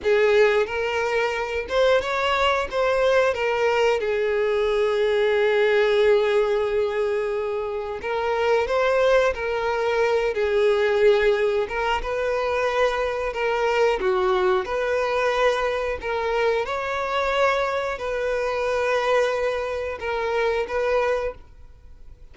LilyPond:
\new Staff \with { instrumentName = "violin" } { \time 4/4 \tempo 4 = 90 gis'4 ais'4. c''8 cis''4 | c''4 ais'4 gis'2~ | gis'1 | ais'4 c''4 ais'4. gis'8~ |
gis'4. ais'8 b'2 | ais'4 fis'4 b'2 | ais'4 cis''2 b'4~ | b'2 ais'4 b'4 | }